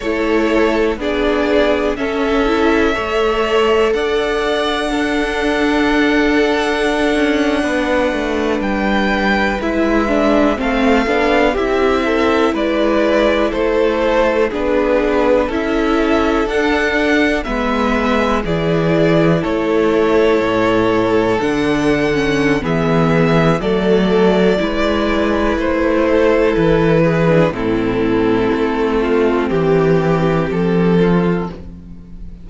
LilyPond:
<<
  \new Staff \with { instrumentName = "violin" } { \time 4/4 \tempo 4 = 61 cis''4 d''4 e''2 | fis''1~ | fis''8. g''4 e''4 f''4 e''16~ | e''8. d''4 c''4 b'4 e''16~ |
e''8. fis''4 e''4 d''4 cis''16~ | cis''4.~ cis''16 fis''4~ fis''16 e''4 | d''2 c''4 b'4 | a'2 g'4 a'4 | }
  \new Staff \with { instrumentName = "violin" } { \time 4/4 a'4 gis'4 a'4 cis''4 | d''4 a'2~ a'8. b'16~ | b'2~ b'8. a'4 g'16~ | g'16 a'8 b'4 a'4 gis'4 a'16~ |
a'4.~ a'16 b'4 gis'4 a'16~ | a'2. gis'4 | a'4 b'4. a'4 gis'8 | e'4. f'8 g'4. f'8 | }
  \new Staff \with { instrumentName = "viola" } { \time 4/4 e'4 d'4 cis'8 e'8 a'4~ | a'4 d'2.~ | d'4.~ d'16 e'8 d'8 c'8 d'8 e'16~ | e'2~ e'8. d'4 e'16~ |
e'8. d'4 b4 e'4~ e'16~ | e'4.~ e'16 d'8. cis'8 b4 | a4 e'2~ e'8. d'16 | c'1 | }
  \new Staff \with { instrumentName = "cello" } { \time 4/4 a4 b4 cis'4 a4 | d'2.~ d'16 cis'8 b16~ | b16 a8 g4 gis4 a8 b8 c'16~ | c'8. gis4 a4 b4 cis'16~ |
cis'8. d'4 gis4 e4 a16~ | a8. a,4 d4~ d16 e4 | fis4 gis4 a4 e4 | a,4 a4 e4 f4 | }
>>